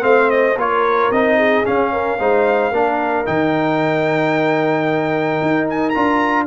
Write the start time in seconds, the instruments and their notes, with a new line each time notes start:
0.00 tuba A3, trombone C4, horn C5, trumpet F5
0.31 trumpet D#5
0.56 tuba A#3, trombone F4, horn A#4, trumpet C#5
1.11 tuba C4, trombone D#4, trumpet D#5
1.37 horn G#4
1.65 trombone C#4, tuba C#4, trumpet F5
1.93 horn A#4
2.19 tuba G#3, trombone D#4, horn C5
2.72 tuba A#3, trombone D4, horn A#4
3.26 tuba D#3, trombone D#4, trumpet G5
5.42 tuba D#4
5.70 trumpet G#5
5.90 tuba D4, trombone F4, trumpet A#5